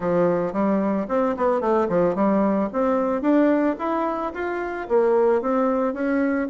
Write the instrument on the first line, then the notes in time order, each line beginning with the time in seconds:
bassoon
0.00 F3
0.52 G3
1.08 C4
1.37 B3
1.60 A3
1.88 F3
2.15 G3
2.72 C4
3.21 D4
3.78 E4
4.34 F4
4.88 A#3
5.41 C4
5.93 C#4